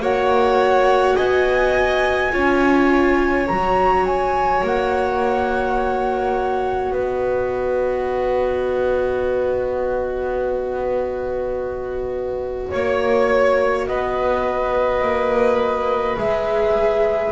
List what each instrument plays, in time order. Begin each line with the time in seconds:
0.00 double bass A#3, viola F#4, violin C#5, flute F#5
1.16 double bass B3, violin D#5, flute G#5
2.32 double bass C#4, viola F4, violin C#5
3.47 double bass F#3, viola F#4, flute A#5
4.06 flute G#5
4.63 double bass A#3, flute F#5
6.92 double bass B3, violin B4, flute D#5
12.70 double bass A#3, flute C#5, violin C#5
13.87 double bass B3, violin B4, flute D#5
15.02 double bass A#3
16.18 double bass G#3, viola G#4, flute E5